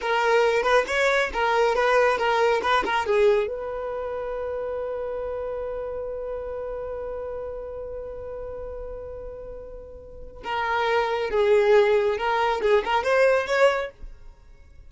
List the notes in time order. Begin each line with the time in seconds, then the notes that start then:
0.01 A#4
0.62 B4
0.87 C#5
1.33 A#4
1.75 B4
2.17 A#4
2.62 B4
2.85 A#4
3.06 G#4
3.47 B4
10.43 A#4
11.30 G#4
12.17 A#4
12.61 G#4
12.84 A#4
13.03 C5
13.46 C#5